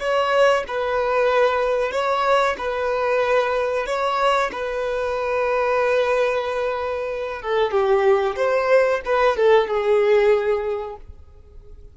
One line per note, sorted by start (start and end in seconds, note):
0.00 0.65 C#5
0.68 1.92 B4
1.92 2.57 C#5
2.58 3.87 B4
3.87 4.51 C#5
4.52 7.43 B4
7.43 7.72 A4
7.72 8.36 G4
8.37 9.01 C5
9.06 9.38 B4
9.38 9.68 A4
9.68 10.97 G#4